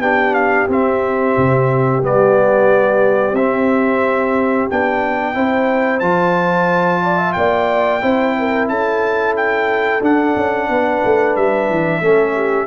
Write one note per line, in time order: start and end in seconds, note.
0.00 0.67 B3
0.00 0.69 D4
0.00 5.34 G4
0.00 0.34 G5
0.34 0.68 F5
0.69 1.36 C4
0.69 2.02 C4
0.69 2.05 E5
1.37 2.03 C3
2.02 3.33 G3
2.02 3.36 B3
2.02 3.36 D5
3.33 4.67 C4
3.33 4.71 C4
3.33 4.69 E5
4.71 5.36 B3
4.71 5.34 D4
4.71 6.00 G5
5.34 6.02 C4
5.34 6.01 E4
5.34 7.03 C5
6.00 7.35 F3
6.00 8.02 F4
6.00 7.33 A5
7.03 7.18 D5
7.18 7.35 E5
7.33 8.03 A#3
7.33 8.03 D5
7.33 8.67 G5
8.02 8.69 C4
8.02 10.02 E4
8.02 8.37 C5
8.39 8.70 A#4
8.69 10.02 C#4
8.69 10.70 A4
8.69 9.35 A5
9.37 10.03 G5
10.02 10.35 D4
10.02 12.03 D4
10.02 11.36 F#5
10.37 10.69 C#4
10.69 11.02 B3
10.69 12.01 B4
11.05 11.37 A3
11.36 11.70 G3
11.36 12.67 E5
11.70 12.01 E3
12.01 12.67 A3
12.01 12.67 C#4
12.01 12.34 A4
12.35 12.67 G4